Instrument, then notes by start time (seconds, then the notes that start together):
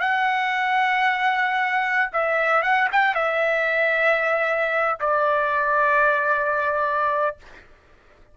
trumpet
0.00 F#5
2.13 E5
2.62 F#5
2.92 G5
3.15 E5
5.00 D5